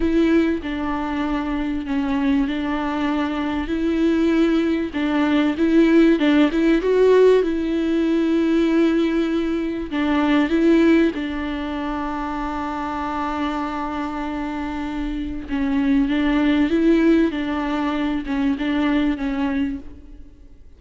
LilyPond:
\new Staff \with { instrumentName = "viola" } { \time 4/4 \tempo 4 = 97 e'4 d'2 cis'4 | d'2 e'2 | d'4 e'4 d'8 e'8 fis'4 | e'1 |
d'4 e'4 d'2~ | d'1~ | d'4 cis'4 d'4 e'4 | d'4. cis'8 d'4 cis'4 | }